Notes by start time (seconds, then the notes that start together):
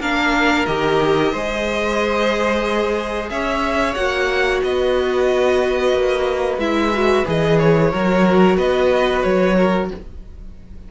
0.00 A#3 D4 A#4 F5
0.66 D#3 G4 D#5
1.32 G#3 G#4 C5
3.30 C#4 C#5 E5
3.95 A#3 F#4 F#5
4.63 B3 B4 D#5
5.93 A#3
6.58 G#3 E4 E5
6.93 F#4
7.26 E3 G#4 D#5
7.59 C#5
7.92 F#3 F#4 A#4
8.57 B3 B4 D#5
9.23 F#3 C#5
9.57 A#4